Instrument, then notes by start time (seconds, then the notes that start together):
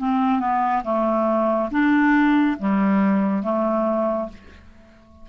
clarinet
0.00 C4
0.40 B3
0.85 A3
1.71 D4
2.59 G3
3.43 A3